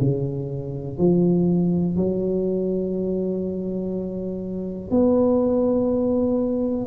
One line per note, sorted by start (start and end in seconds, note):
0.00 0.98 C#3
0.98 1.96 F3
1.96 4.90 F#3
4.90 6.86 B3